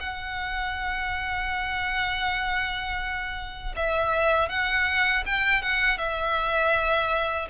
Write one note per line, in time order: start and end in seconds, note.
0.00 3.75 F#5
3.76 4.49 E5
4.49 5.24 F#5
5.26 5.62 G5
5.62 5.98 F#5
5.98 7.48 E5